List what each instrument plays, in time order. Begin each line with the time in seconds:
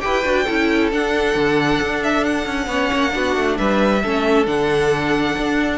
0.00 cello E4, viola G4, violin B4 G5
0.24 cello D4, viola F#4
0.44 cello C#4, viola E4, violin A4
0.92 cello D4, viola D4, violin F#5
1.34 cello D3
1.81 cello D4
2.03 violin E5
2.23 violin F#5
2.46 cello C#4
2.66 cello B3, viola C#4, violin C#5
2.92 cello A#3
3.10 cello B3, viola D4, violin F#4
3.36 cello A3
3.57 cello G3, violin B4 E5
4.02 cello A3, viola C#4, violin A4
4.46 cello D3, viola D4, violin F#5
5.37 cello D4